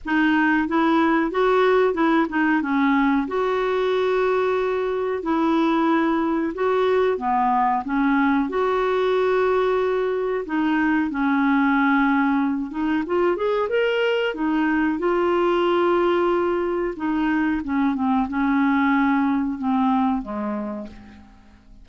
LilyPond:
\new Staff \with { instrumentName = "clarinet" } { \time 4/4 \tempo 4 = 92 dis'4 e'4 fis'4 e'8 dis'8 | cis'4 fis'2. | e'2 fis'4 b4 | cis'4 fis'2. |
dis'4 cis'2~ cis'8 dis'8 | f'8 gis'8 ais'4 dis'4 f'4~ | f'2 dis'4 cis'8 c'8 | cis'2 c'4 gis4 | }